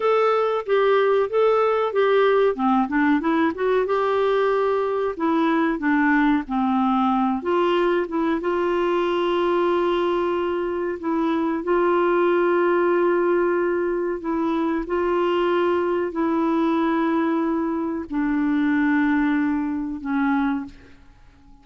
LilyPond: \new Staff \with { instrumentName = "clarinet" } { \time 4/4 \tempo 4 = 93 a'4 g'4 a'4 g'4 | c'8 d'8 e'8 fis'8 g'2 | e'4 d'4 c'4. f'8~ | f'8 e'8 f'2.~ |
f'4 e'4 f'2~ | f'2 e'4 f'4~ | f'4 e'2. | d'2. cis'4 | }